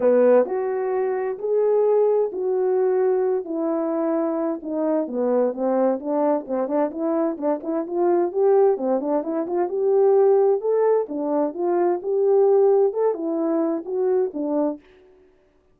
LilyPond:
\new Staff \with { instrumentName = "horn" } { \time 4/4 \tempo 4 = 130 b4 fis'2 gis'4~ | gis'4 fis'2~ fis'8 e'8~ | e'2 dis'4 b4 | c'4 d'4 c'8 d'8 e'4 |
d'8 e'8 f'4 g'4 c'8 d'8 | e'8 f'8 g'2 a'4 | d'4 f'4 g'2 | a'8 e'4. fis'4 d'4 | }